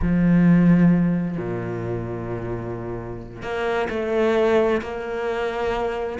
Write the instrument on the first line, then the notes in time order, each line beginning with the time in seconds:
cello
0.01 F3
1.37 A#2
3.42 A#3
3.89 A3
4.81 A#3